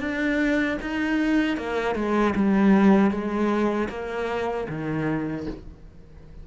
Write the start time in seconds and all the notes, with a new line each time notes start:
0.00 D4
0.81 D#4
1.57 A#3
1.95 G#3
2.36 G3
3.11 G#3
3.89 A#3
4.69 D#3